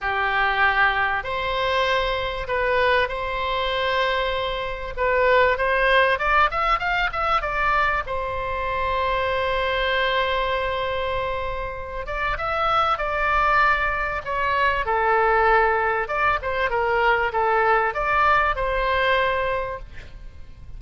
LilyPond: \new Staff \with { instrumentName = "oboe" } { \time 4/4 \tempo 4 = 97 g'2 c''2 | b'4 c''2. | b'4 c''4 d''8 e''8 f''8 e''8 | d''4 c''2.~ |
c''2.~ c''8 d''8 | e''4 d''2 cis''4 | a'2 d''8 c''8 ais'4 | a'4 d''4 c''2 | }